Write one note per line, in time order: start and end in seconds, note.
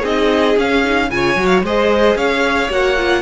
0.00 0.56 C4
0.00 0.57 D#4
0.00 1.06 G#4
0.00 0.58 D#5
0.57 0.83 C#4
0.57 1.10 C#4
0.57 1.10 F5
0.84 1.10 D#4
1.10 1.36 C#3
1.10 1.37 F4
1.10 1.65 C#5
1.10 1.46 G#5
1.36 1.62 F#3
1.36 1.64 F#4
1.46 1.59 F5
1.62 2.15 G#3
1.62 2.70 G#4
1.62 2.17 C5
1.62 2.17 D#5
2.15 2.69 C#4
2.15 3.22 C#5
2.15 2.70 F5
2.69 3.22 A#3
2.69 2.96 F#4
2.69 3.22 F#5
2.97 3.22 F4